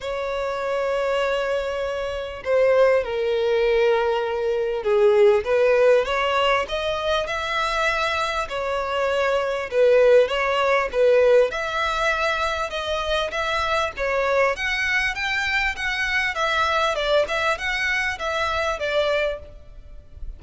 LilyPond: \new Staff \with { instrumentName = "violin" } { \time 4/4 \tempo 4 = 99 cis''1 | c''4 ais'2. | gis'4 b'4 cis''4 dis''4 | e''2 cis''2 |
b'4 cis''4 b'4 e''4~ | e''4 dis''4 e''4 cis''4 | fis''4 g''4 fis''4 e''4 | d''8 e''8 fis''4 e''4 d''4 | }